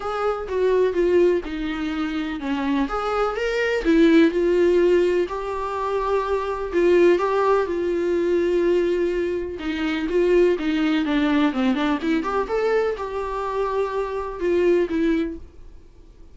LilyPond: \new Staff \with { instrumentName = "viola" } { \time 4/4 \tempo 4 = 125 gis'4 fis'4 f'4 dis'4~ | dis'4 cis'4 gis'4 ais'4 | e'4 f'2 g'4~ | g'2 f'4 g'4 |
f'1 | dis'4 f'4 dis'4 d'4 | c'8 d'8 e'8 g'8 a'4 g'4~ | g'2 f'4 e'4 | }